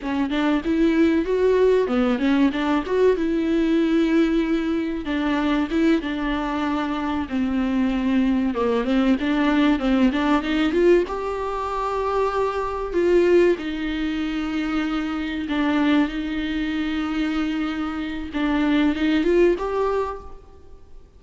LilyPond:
\new Staff \with { instrumentName = "viola" } { \time 4/4 \tempo 4 = 95 cis'8 d'8 e'4 fis'4 b8 cis'8 | d'8 fis'8 e'2. | d'4 e'8 d'2 c'8~ | c'4. ais8 c'8 d'4 c'8 |
d'8 dis'8 f'8 g'2~ g'8~ | g'8 f'4 dis'2~ dis'8~ | dis'8 d'4 dis'2~ dis'8~ | dis'4 d'4 dis'8 f'8 g'4 | }